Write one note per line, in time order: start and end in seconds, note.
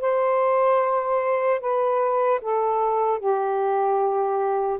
0.00 1.60 C5
1.60 2.40 B4
2.41 3.19 A4
3.19 4.79 G4